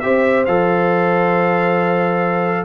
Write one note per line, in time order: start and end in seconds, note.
0.00 0.47 C4
0.00 0.47 G4
0.00 2.65 C5
0.00 0.44 E5
0.46 2.65 F3
0.46 2.65 A4
0.46 2.65 F5